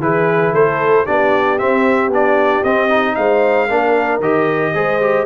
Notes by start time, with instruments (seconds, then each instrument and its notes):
0.00 tuba E3, trombone E4, horn G#4, trumpet B4
0.53 tuba A3, horn A4, trumpet C5
1.06 tuba B3, trombone D4, horn G4, trumpet D5
1.58 trombone C4, tuba C4, trumpet E5
2.08 tuba B3, trombone D4, trumpet D5
2.63 tuba C4, trombone C4, trumpet D#5
2.89 trombone D#4
3.15 tuba G#3, horn C5, trumpet F5
3.67 tuba A#3, trombone D4, horn A#4
4.20 tuba D#3, trombone G4, trumpet D#5
4.74 tuba G#3, trombone G#4, horn C5
5.01 trombone G4